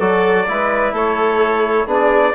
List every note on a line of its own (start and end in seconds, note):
0.00 0.47 F#3
0.00 0.47 F#4
0.00 0.47 A4
0.00 0.94 D5
0.48 0.92 G#3
0.48 1.88 E4
0.48 0.95 B4
0.92 1.86 A3
0.92 1.87 A4
0.92 1.90 C#5
1.86 2.33 B3
1.86 2.35 D4
1.86 2.34 G#4
1.93 2.35 D5